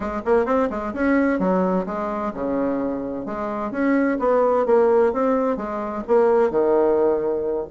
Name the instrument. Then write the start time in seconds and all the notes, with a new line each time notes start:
bassoon
0.00 G#3
0.25 A#3
0.45 C4
0.70 G#3
0.93 C#4
1.39 F#3
1.86 G#3
2.34 C#3
3.25 G#3
3.71 C#4
4.19 B3
4.66 A#3
5.12 C4
5.56 G#3
6.07 A#3
6.50 D#3